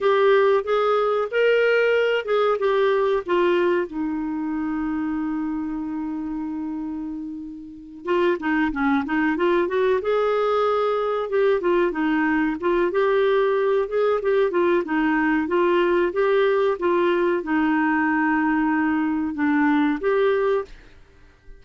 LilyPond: \new Staff \with { instrumentName = "clarinet" } { \time 4/4 \tempo 4 = 93 g'4 gis'4 ais'4. gis'8 | g'4 f'4 dis'2~ | dis'1~ | dis'8 f'8 dis'8 cis'8 dis'8 f'8 fis'8 gis'8~ |
gis'4. g'8 f'8 dis'4 f'8 | g'4. gis'8 g'8 f'8 dis'4 | f'4 g'4 f'4 dis'4~ | dis'2 d'4 g'4 | }